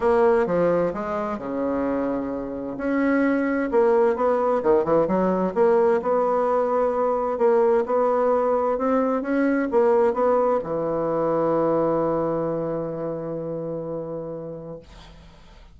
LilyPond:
\new Staff \with { instrumentName = "bassoon" } { \time 4/4 \tempo 4 = 130 ais4 f4 gis4 cis4~ | cis2 cis'2 | ais4 b4 dis8 e8 fis4 | ais4 b2. |
ais4 b2 c'4 | cis'4 ais4 b4 e4~ | e1~ | e1 | }